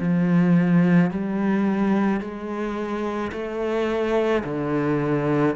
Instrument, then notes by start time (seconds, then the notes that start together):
cello
0.00 F3
1.11 G3
2.21 G#3
3.33 A3
4.45 D3